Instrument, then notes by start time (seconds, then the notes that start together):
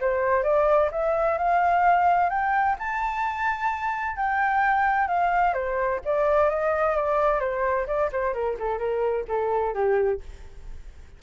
flute
0.00 C5
0.43 D5
0.92 E5
1.38 F5
2.29 G5
2.78 A5
4.16 G5
5.07 F5
5.53 C5
6.04 D5
6.49 D#5
6.96 D5
7.40 C5
7.86 D5
8.12 C5
8.33 A#4
8.59 A4
8.78 A#4
9.28 A4
9.74 G4